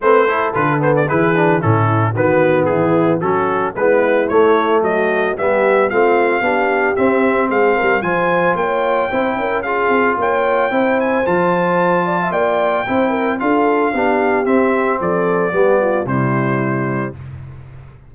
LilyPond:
<<
  \new Staff \with { instrumentName = "trumpet" } { \time 4/4 \tempo 4 = 112 c''4 b'8 c''16 d''16 b'4 a'4 | b'4 gis'4 a'4 b'4 | cis''4 dis''4 e''4 f''4~ | f''4 e''4 f''4 gis''4 |
g''2 f''4 g''4~ | g''8 gis''8 a''2 g''4~ | g''4 f''2 e''4 | d''2 c''2 | }
  \new Staff \with { instrumentName = "horn" } { \time 4/4 b'8 a'4. gis'4 e'4 | fis'4 e'4 fis'4 e'4~ | e'4 fis'4 g'4 f'4 | g'2 gis'8 ais'8 c''4 |
cis''4 c''8 ais'8 gis'4 cis''4 | c''2~ c''8 d''16 e''16 d''4 | c''8 ais'8 a'4 g'2 | a'4 g'8 f'8 e'2 | }
  \new Staff \with { instrumentName = "trombone" } { \time 4/4 c'8 e'8 f'8 b8 e'8 d'8 cis'4 | b2 cis'4 b4 | a2 b4 c'4 | d'4 c'2 f'4~ |
f'4 e'4 f'2 | e'4 f'2. | e'4 f'4 d'4 c'4~ | c'4 b4 g2 | }
  \new Staff \with { instrumentName = "tuba" } { \time 4/4 a4 d4 e4 a,4 | dis4 e4 fis4 gis4 | a4 fis4 g4 a4 | b4 c'4 gis8 g8 f4 |
ais4 c'8 cis'4 c'8 ais4 | c'4 f2 ais4 | c'4 d'4 b4 c'4 | f4 g4 c2 | }
>>